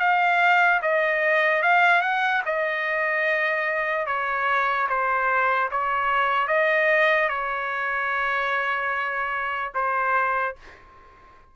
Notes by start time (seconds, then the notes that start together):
0.00 F5
0.82 D#5
1.63 F5
2.02 F#5
2.46 D#5
4.07 C#5
4.89 C5
5.71 C#5
6.48 D#5
7.29 C#5
9.75 C5